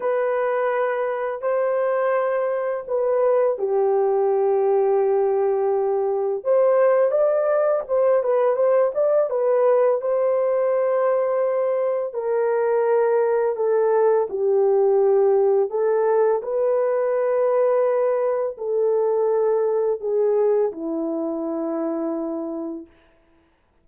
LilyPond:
\new Staff \with { instrumentName = "horn" } { \time 4/4 \tempo 4 = 84 b'2 c''2 | b'4 g'2.~ | g'4 c''4 d''4 c''8 b'8 | c''8 d''8 b'4 c''2~ |
c''4 ais'2 a'4 | g'2 a'4 b'4~ | b'2 a'2 | gis'4 e'2. | }